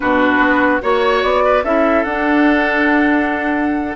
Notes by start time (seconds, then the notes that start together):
0.00 B2 D4 F#4 B4
0.39 B3
0.81 A#3 F#4 C#5
1.23 B3 D5
1.44 B4
1.63 C#4 E4 A4 E5
2.03 D4 F#5